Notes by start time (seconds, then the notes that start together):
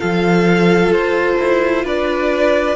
0.00 F3 F4 A4 F5
0.89 F4 C5
1.39 E4
1.84 D4 B4 D5